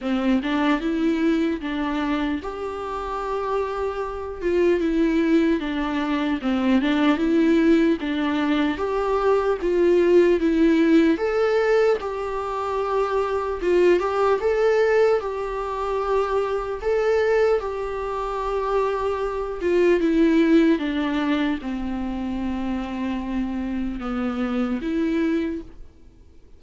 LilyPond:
\new Staff \with { instrumentName = "viola" } { \time 4/4 \tempo 4 = 75 c'8 d'8 e'4 d'4 g'4~ | g'4. f'8 e'4 d'4 | c'8 d'8 e'4 d'4 g'4 | f'4 e'4 a'4 g'4~ |
g'4 f'8 g'8 a'4 g'4~ | g'4 a'4 g'2~ | g'8 f'8 e'4 d'4 c'4~ | c'2 b4 e'4 | }